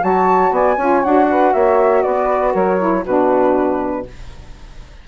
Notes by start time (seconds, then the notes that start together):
0.00 F#3 F#4 C#5 A5
0.51 B3 D5 G#5
0.76 C#4 F4 C#5
1.03 D4 F#4 F#5
1.30 B4
1.53 A#3 C#5 E5
2.02 B3 B4 D5
2.50 F#3 A#4 C#5
2.79 E4
3.02 B2 D4 F#4 B4